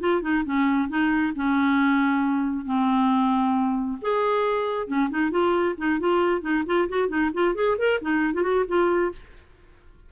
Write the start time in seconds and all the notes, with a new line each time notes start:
0.00 F4
0.22 D#4
0.45 C#4
0.89 D#4
1.35 C#4
2.65 C4
4.02 G#4
4.87 C#4
5.10 D#4
5.31 F4
5.78 D#4
6.00 F4
6.41 D#4
6.66 F4
6.88 F#4
7.08 D#4
7.33 F4
7.55 G#4
7.78 A#4
8.01 D#4
8.34 F4
8.42 F#4
8.67 F4